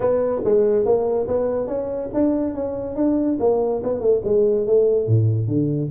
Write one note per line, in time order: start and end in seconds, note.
0.00 0.41 B3
0.44 0.85 G#3
0.85 1.27 A#3
1.27 1.67 B3
1.67 2.09 C#4
2.13 2.54 D4
2.54 2.95 C#4
2.95 3.37 D4
3.39 3.81 A#3
3.83 4.00 B3
4.00 4.21 A3
4.24 4.66 G#3
4.66 5.07 A3
5.07 5.47 A2
5.47 5.89 D3